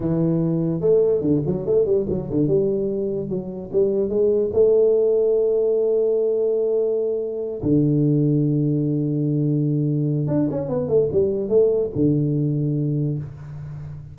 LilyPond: \new Staff \with { instrumentName = "tuba" } { \time 4/4 \tempo 4 = 146 e2 a4 d8 fis8 | a8 g8 fis8 d8 g2 | fis4 g4 gis4 a4~ | a1~ |
a2~ a8 d4.~ | d1~ | d4 d'8 cis'8 b8 a8 g4 | a4 d2. | }